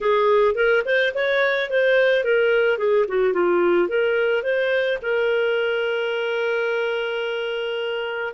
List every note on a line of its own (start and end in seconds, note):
0.00 0.55 G#4
0.55 0.82 A#4
0.85 1.13 C5
1.14 1.70 C#5
1.70 2.23 C5
2.23 2.78 A#4
2.78 3.05 G#4
3.07 3.33 F#4
3.33 3.88 F4
3.88 4.42 A#4
4.42 4.98 C5
5.02 8.33 A#4